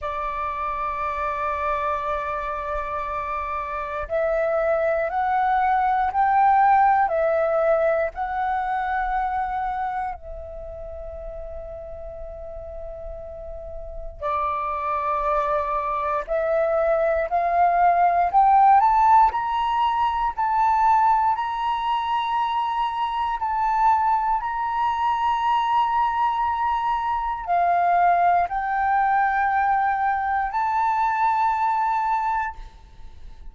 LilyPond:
\new Staff \with { instrumentName = "flute" } { \time 4/4 \tempo 4 = 59 d''1 | e''4 fis''4 g''4 e''4 | fis''2 e''2~ | e''2 d''2 |
e''4 f''4 g''8 a''8 ais''4 | a''4 ais''2 a''4 | ais''2. f''4 | g''2 a''2 | }